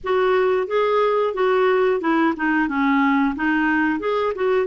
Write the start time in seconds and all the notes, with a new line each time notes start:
0.03 F#4
0.67 G#4
1.34 F#4
2.00 E4
2.36 D#4
2.68 C#4
3.35 D#4
3.99 G#4
4.35 F#4